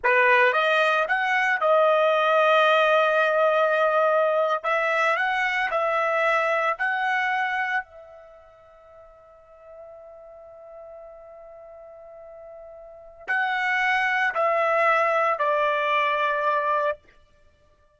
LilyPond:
\new Staff \with { instrumentName = "trumpet" } { \time 4/4 \tempo 4 = 113 b'4 dis''4 fis''4 dis''4~ | dis''1~ | dis''8. e''4 fis''4 e''4~ e''16~ | e''8. fis''2 e''4~ e''16~ |
e''1~ | e''1~ | e''4 fis''2 e''4~ | e''4 d''2. | }